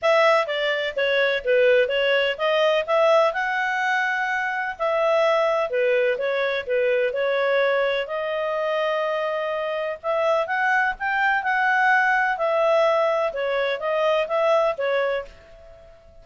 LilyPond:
\new Staff \with { instrumentName = "clarinet" } { \time 4/4 \tempo 4 = 126 e''4 d''4 cis''4 b'4 | cis''4 dis''4 e''4 fis''4~ | fis''2 e''2 | b'4 cis''4 b'4 cis''4~ |
cis''4 dis''2.~ | dis''4 e''4 fis''4 g''4 | fis''2 e''2 | cis''4 dis''4 e''4 cis''4 | }